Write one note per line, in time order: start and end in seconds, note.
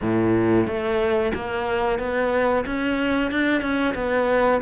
0.01 0.66 A2
0.66 1.32 A3
1.34 1.98 A#3
1.98 2.64 B3
2.66 3.31 C#4
3.31 3.61 D4
3.61 3.94 C#4
3.94 4.60 B3